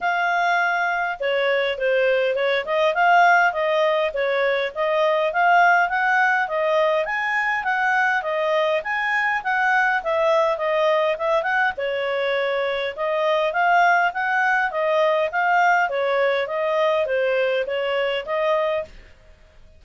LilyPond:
\new Staff \with { instrumentName = "clarinet" } { \time 4/4 \tempo 4 = 102 f''2 cis''4 c''4 | cis''8 dis''8 f''4 dis''4 cis''4 | dis''4 f''4 fis''4 dis''4 | gis''4 fis''4 dis''4 gis''4 |
fis''4 e''4 dis''4 e''8 fis''8 | cis''2 dis''4 f''4 | fis''4 dis''4 f''4 cis''4 | dis''4 c''4 cis''4 dis''4 | }